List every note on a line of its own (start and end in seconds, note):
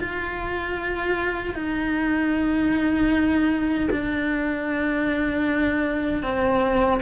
0.00 1.55 F4
1.55 3.89 D#4
3.92 6.23 D4
6.23 7.01 C4